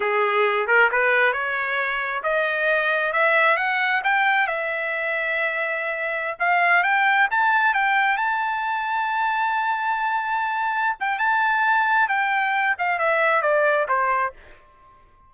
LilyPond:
\new Staff \with { instrumentName = "trumpet" } { \time 4/4 \tempo 4 = 134 gis'4. ais'8 b'4 cis''4~ | cis''4 dis''2 e''4 | fis''4 g''4 e''2~ | e''2~ e''16 f''4 g''8.~ |
g''16 a''4 g''4 a''4.~ a''16~ | a''1~ | a''8 g''8 a''2 g''4~ | g''8 f''8 e''4 d''4 c''4 | }